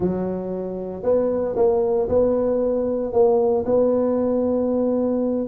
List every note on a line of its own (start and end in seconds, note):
0.00 1.02 F#3
1.02 1.55 B3
1.56 2.08 A#3
2.08 3.12 B3
3.12 3.65 A#3
3.65 5.47 B3